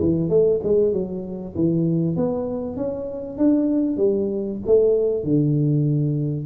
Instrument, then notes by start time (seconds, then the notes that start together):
tuba
0.00 E3
0.30 A3
0.64 G#3
0.93 F#3
1.56 E3
2.16 B3
2.77 C#4
3.38 D4
3.97 G3
4.66 A3
5.24 D3